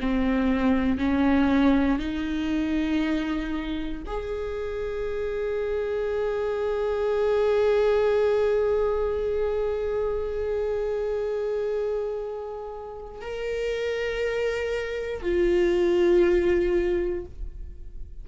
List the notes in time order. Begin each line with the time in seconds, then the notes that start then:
0.00 C4
0.98 C#4
1.99 D#4
4.06 G#4
13.21 A#4
15.22 F4